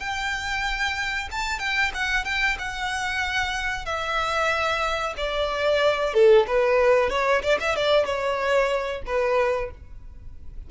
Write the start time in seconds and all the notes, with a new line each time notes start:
0.00 G5
1.32 A5
1.60 G5
1.94 F#5
2.25 G5
2.59 F#5
3.86 E5
5.17 D5
6.14 A4
6.48 B4
7.10 C#5
7.43 D5
7.61 E5
7.76 D5
8.06 C#5
9.07 B4